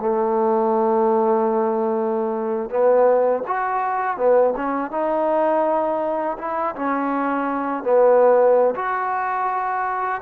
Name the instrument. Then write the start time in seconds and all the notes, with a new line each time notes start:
trombone
0.00 A3
2.70 B3
3.47 F#4
4.17 B3
4.57 C#4
4.92 D#4
6.39 E4
6.76 C#4
7.84 B3
8.75 F#4